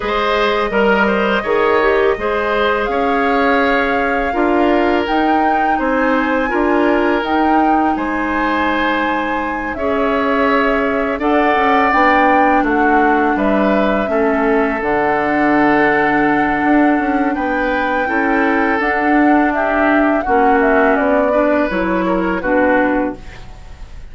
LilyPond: <<
  \new Staff \with { instrumentName = "flute" } { \time 4/4 \tempo 4 = 83 dis''1 | f''2. g''4 | gis''2 g''4 gis''4~ | gis''4. e''2 fis''8~ |
fis''8 g''4 fis''4 e''4.~ | e''8 fis''2.~ fis''8 | g''2 fis''4 e''4 | fis''8 e''8 d''4 cis''4 b'4 | }
  \new Staff \with { instrumentName = "oboe" } { \time 4/4 c''4 ais'8 c''8 cis''4 c''4 | cis''2 ais'2 | c''4 ais'2 c''4~ | c''4. cis''2 d''8~ |
d''4. fis'4 b'4 a'8~ | a'1 | b'4 a'2 g'4 | fis'4. b'4 ais'8 fis'4 | }
  \new Staff \with { instrumentName = "clarinet" } { \time 4/4 gis'4 ais'4 gis'8 g'8 gis'4~ | gis'2 f'4 dis'4~ | dis'4 f'4 dis'2~ | dis'4. gis'2 a'8~ |
a'8 d'2. cis'8~ | cis'8 d'2.~ d'8~ | d'4 e'4 d'2 | cis'4. d'8 e'4 d'4 | }
  \new Staff \with { instrumentName = "bassoon" } { \time 4/4 gis4 g4 dis4 gis4 | cis'2 d'4 dis'4 | c'4 d'4 dis'4 gis4~ | gis4. cis'2 d'8 |
cis'8 b4 a4 g4 a8~ | a8 d2~ d8 d'8 cis'8 | b4 cis'4 d'2 | ais4 b4 fis4 b,4 | }
>>